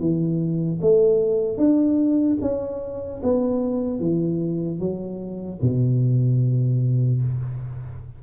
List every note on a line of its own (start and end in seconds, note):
0.00 0.80 E3
0.81 1.57 A3
1.57 2.37 D4
2.41 3.21 C#4
3.23 4.00 B3
4.00 4.79 E3
4.79 5.59 F#3
5.62 7.22 B2